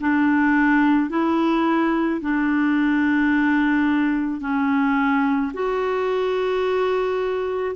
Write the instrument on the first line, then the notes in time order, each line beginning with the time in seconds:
clarinet
0.00 D4
1.09 E4
2.21 D4
4.40 C#4
5.53 F#4